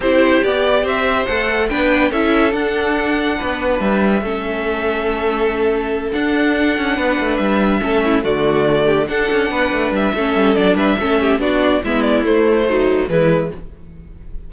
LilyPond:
<<
  \new Staff \with { instrumentName = "violin" } { \time 4/4 \tempo 4 = 142 c''4 d''4 e''4 fis''4 | g''4 e''4 fis''2~ | fis''4 e''2.~ | e''2~ e''8 fis''4.~ |
fis''4. e''2 d''8~ | d''4. fis''2 e''8~ | e''4 d''8 e''4. d''4 | e''8 d''8 c''2 b'4 | }
  \new Staff \with { instrumentName = "violin" } { \time 4/4 g'2 c''2 | b'4 a'2. | b'2 a'2~ | a'1~ |
a'8 b'2 a'8 e'8 fis'8~ | fis'4 g'8 a'4 b'4. | a'4. b'8 a'8 g'8 fis'4 | e'2 dis'4 e'4 | }
  \new Staff \with { instrumentName = "viola" } { \time 4/4 e'4 g'2 a'4 | d'4 e'4 d'2~ | d'2 cis'2~ | cis'2~ cis'8 d'4.~ |
d'2~ d'8 cis'4 a8~ | a4. d'2~ d'8 | cis'4 d'4 cis'4 d'4 | b4 a4 fis4 gis4 | }
  \new Staff \with { instrumentName = "cello" } { \time 4/4 c'4 b4 c'4 a4 | b4 cis'4 d'2 | b4 g4 a2~ | a2~ a8 d'4. |
cis'8 b8 a8 g4 a4 d8~ | d4. d'8 cis'8 b8 a8 g8 | a8 g8 fis8 g8 a4 b4 | gis4 a2 e4 | }
>>